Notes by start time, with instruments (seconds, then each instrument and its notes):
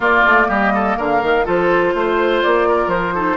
0.00 bassoon A#3, clarinet A#3, oboe F4, flute D5
0.25 bassoon A3
0.48 bassoon G3, oboe G4, flute D#5
0.74 oboe A4
0.97 bassoon D3, oboe A#4, flute F5
1.22 bassoon D#3
1.44 bassoon F3, clarinet F4, oboe A4, flute C5
1.94 bassoon A3, oboe C5
2.42 bassoon A#3, flute D5
2.68 oboe A#4
2.86 bassoon F3, flute C5
3.14 clarinet D#4, oboe A4